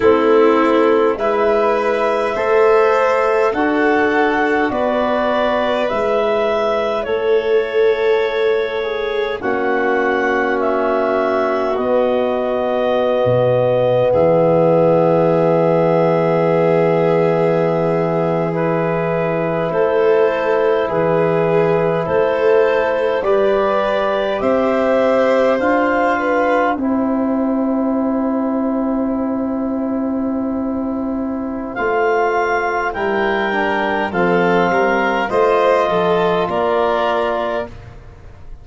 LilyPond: <<
  \new Staff \with { instrumentName = "clarinet" } { \time 4/4 \tempo 4 = 51 a'4 e''2 fis''4 | d''4 e''4 cis''2 | fis''4 e''4 dis''2 | e''2.~ e''8. b'16~ |
b'8. c''4 b'4 c''4 d''16~ | d''8. e''4 f''4 g''4~ g''16~ | g''2. f''4 | g''4 f''4 dis''4 d''4 | }
  \new Staff \with { instrumentName = "violin" } { \time 4/4 e'4 b'4 c''4 a'4 | b'2 a'4. gis'8 | fis'1 | gis'1~ |
gis'8. a'4 gis'4 a'4 b'16~ | b'8. c''4. b'8 c''4~ c''16~ | c''1 | ais'4 a'8 ais'8 c''8 a'8 ais'4 | }
  \new Staff \with { instrumentName = "trombone" } { \time 4/4 c'4 e'4 a'4 fis'4~ | fis'4 e'2. | cis'2 b2~ | b2.~ b8. e'16~ |
e'2.~ e'8. g'16~ | g'4.~ g'16 f'4 e'4~ e'16~ | e'2. f'4 | e'8 d'8 c'4 f'2 | }
  \new Staff \with { instrumentName = "tuba" } { \time 4/4 a4 gis4 a4 d'4 | b4 gis4 a2 | ais2 b4~ b16 b,8. | e1~ |
e8. a4 e4 a4 g16~ | g8. c'4 d'4 c'4~ c'16~ | c'2. a4 | g4 f8 g8 a8 f8 ais4 | }
>>